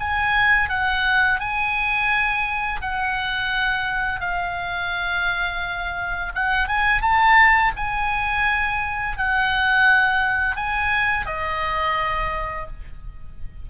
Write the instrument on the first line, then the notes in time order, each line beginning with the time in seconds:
oboe
0.00 G#5
0.69 F#5
1.40 G#5
2.81 F#5
4.21 F5
6.35 F#5
6.68 G#5
7.01 A5
7.77 G#5
9.17 F#5
10.56 G#5
11.26 D#5